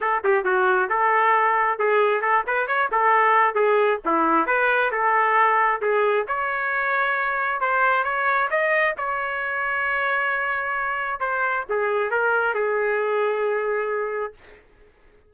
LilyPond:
\new Staff \with { instrumentName = "trumpet" } { \time 4/4 \tempo 4 = 134 a'8 g'8 fis'4 a'2 | gis'4 a'8 b'8 cis''8 a'4. | gis'4 e'4 b'4 a'4~ | a'4 gis'4 cis''2~ |
cis''4 c''4 cis''4 dis''4 | cis''1~ | cis''4 c''4 gis'4 ais'4 | gis'1 | }